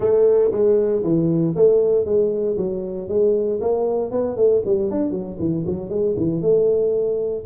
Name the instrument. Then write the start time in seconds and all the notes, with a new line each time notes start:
tuba
0.00 A3
0.51 G#3
1.03 E3
1.55 A3
2.05 G#3
2.57 F#3
3.08 G#3
3.60 A#3
4.11 B3
4.36 A3
4.65 G3
4.91 D4
5.10 F#3
5.39 E3
5.66 F#3
5.89 G#3
6.17 E3
6.41 A3